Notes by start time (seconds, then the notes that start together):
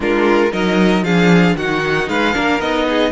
0.00 G#3 D4 F4 A#4
0.51 F#3 D#4 A#4 D#5
1.02 F3 D4 G#4 F5
1.56 D#3 D#4 F#4 F#5
2.08 G#3 B4 F5
2.33 A#3 D4 A#4
2.59 B3 D#4 D#5
2.89 G#4